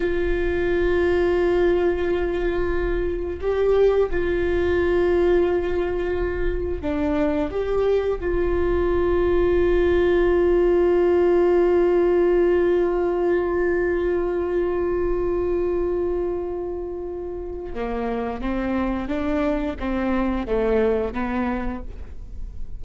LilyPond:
\new Staff \with { instrumentName = "viola" } { \time 4/4 \tempo 4 = 88 f'1~ | f'4 g'4 f'2~ | f'2 d'4 g'4 | f'1~ |
f'1~ | f'1~ | f'2 ais4 c'4 | d'4 c'4 a4 b4 | }